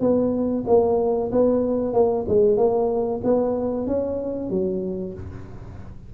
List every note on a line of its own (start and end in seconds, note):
0.00 0.64 B3
0.67 1.31 A#3
1.31 1.93 B3
1.93 2.25 A#3
2.28 2.57 G#3
2.57 3.21 A#3
3.24 3.86 B3
3.86 4.49 C#4
4.49 5.13 F#3